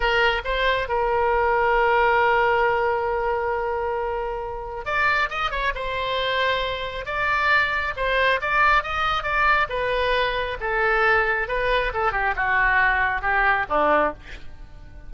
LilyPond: \new Staff \with { instrumentName = "oboe" } { \time 4/4 \tempo 4 = 136 ais'4 c''4 ais'2~ | ais'1~ | ais'2. d''4 | dis''8 cis''8 c''2. |
d''2 c''4 d''4 | dis''4 d''4 b'2 | a'2 b'4 a'8 g'8 | fis'2 g'4 d'4 | }